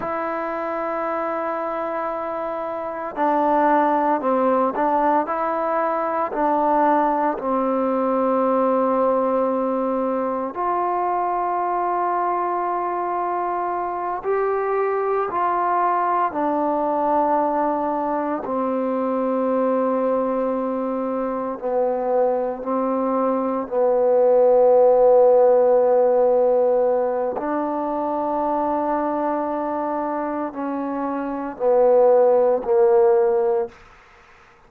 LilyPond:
\new Staff \with { instrumentName = "trombone" } { \time 4/4 \tempo 4 = 57 e'2. d'4 | c'8 d'8 e'4 d'4 c'4~ | c'2 f'2~ | f'4. g'4 f'4 d'8~ |
d'4. c'2~ c'8~ | c'8 b4 c'4 b4.~ | b2 d'2~ | d'4 cis'4 b4 ais4 | }